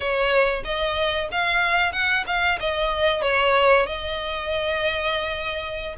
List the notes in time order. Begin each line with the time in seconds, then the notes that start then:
0.00 C#5
0.64 D#5
1.31 F5
1.92 F#5
2.26 F5
2.60 D#5
3.22 C#5
3.86 D#5